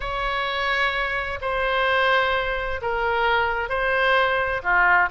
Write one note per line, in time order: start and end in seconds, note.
0.00 1.39 C#5
1.41 2.80 C5
2.81 3.69 A#4
3.69 4.62 C5
4.62 5.09 F4